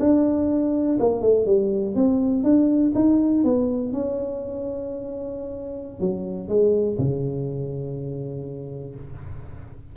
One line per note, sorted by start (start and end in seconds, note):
0.00 0.98 D4
1.00 1.22 A#3
1.22 1.47 A3
1.47 1.96 G3
1.96 2.44 C4
2.44 2.93 D4
2.95 3.44 D#4
3.45 3.93 B3
3.93 6.00 C#4
6.00 6.49 F#3
6.49 6.98 G#3
6.99 8.96 C#3